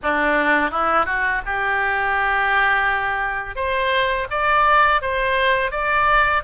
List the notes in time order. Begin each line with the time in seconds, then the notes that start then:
0.03 D4
0.70 E4
1.05 F#4
1.45 G4
3.55 C5
4.30 D5
5.01 C5
5.71 D5